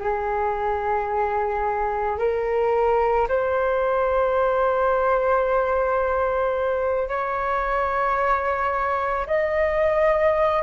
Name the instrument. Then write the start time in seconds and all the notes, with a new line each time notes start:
flute
0.00 G#4
2.18 A#4
3.28 C5
7.08 C#5
9.26 D#5